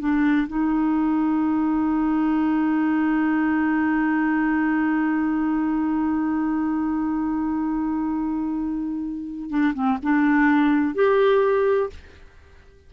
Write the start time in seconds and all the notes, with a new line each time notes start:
0.00 D4
0.48 D#4
9.50 D4
9.74 C4
10.03 D4
10.95 G4